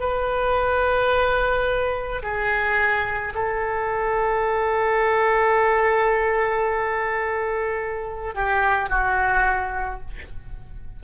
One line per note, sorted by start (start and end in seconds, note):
0.00 2.22 B4
2.23 3.34 G#4
3.35 8.34 A4
8.34 8.89 G4
8.89 10.01 F#4